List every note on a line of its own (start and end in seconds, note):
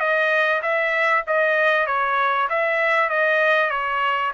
0.00 0.62 D#5
0.62 1.24 E5
1.27 1.87 D#5
1.87 2.49 C#5
2.50 3.10 E5
3.10 3.70 D#5
3.70 4.32 C#5